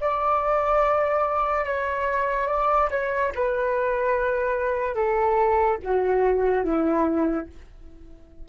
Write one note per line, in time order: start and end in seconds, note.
0.00 1.64 D5
1.64 2.47 C#5
2.47 2.89 D5
2.90 3.32 C#5
3.34 4.95 B4
4.95 5.78 A4
5.83 6.63 F#4
6.63 7.47 E4